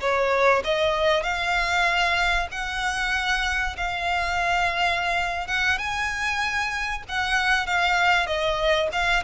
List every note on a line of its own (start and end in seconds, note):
0.00 0.62 C#5
0.64 1.23 D#5
1.23 2.48 F5
2.51 3.76 F#5
3.77 5.47 F5
5.47 5.78 F#5
5.78 7.03 G#5
7.08 7.66 F#5
7.66 8.26 F5
8.26 8.89 D#5
8.92 9.23 F5